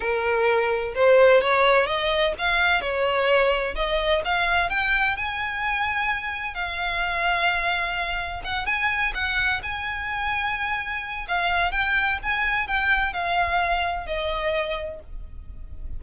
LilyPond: \new Staff \with { instrumentName = "violin" } { \time 4/4 \tempo 4 = 128 ais'2 c''4 cis''4 | dis''4 f''4 cis''2 | dis''4 f''4 g''4 gis''4~ | gis''2 f''2~ |
f''2 fis''8 gis''4 fis''8~ | fis''8 gis''2.~ gis''8 | f''4 g''4 gis''4 g''4 | f''2 dis''2 | }